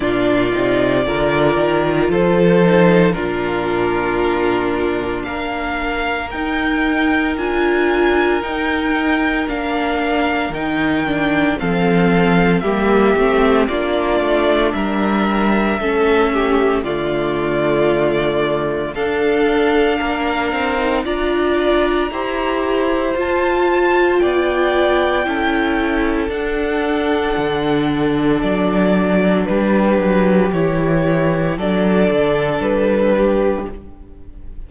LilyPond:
<<
  \new Staff \with { instrumentName = "violin" } { \time 4/4 \tempo 4 = 57 d''2 c''4 ais'4~ | ais'4 f''4 g''4 gis''4 | g''4 f''4 g''4 f''4 | e''4 d''4 e''2 |
d''2 f''2 | ais''2 a''4 g''4~ | g''4 fis''2 d''4 | b'4 cis''4 d''4 b'4 | }
  \new Staff \with { instrumentName = "violin" } { \time 4/4 f'4 ais'4 a'4 f'4~ | f'4 ais'2.~ | ais'2. a'4 | g'4 f'4 ais'4 a'8 g'8 |
f'2 a'4 ais'4 | d''4 c''2 d''4 | a'1 | g'2 a'4. g'8 | }
  \new Staff \with { instrumentName = "viola" } { \time 4/4 d'8 dis'8 f'4. dis'8 d'4~ | d'2 dis'4 f'4 | dis'4 d'4 dis'8 d'8 c'4 | ais8 c'8 d'2 cis'4 |
a2 d'4.~ d'16 dis'16 | f'4 g'4 f'2 | e'4 d'2.~ | d'4 e'4 d'2 | }
  \new Staff \with { instrumentName = "cello" } { \time 4/4 ais,8 c8 d8 dis8 f4 ais,4~ | ais,4 ais4 dis'4 d'4 | dis'4 ais4 dis4 f4 | g8 a8 ais8 a8 g4 a4 |
d2 d'4 ais8 c'8 | d'4 e'4 f'4 b4 | cis'4 d'4 d4 fis4 | g8 fis8 e4 fis8 d8 g4 | }
>>